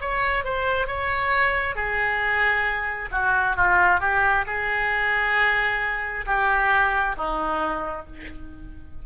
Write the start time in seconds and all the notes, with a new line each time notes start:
0.00 C#5
0.44 C5
0.87 C#5
1.75 G#4
3.11 F#4
3.56 F4
4.00 G4
4.46 G#4
6.26 G4
7.16 D#4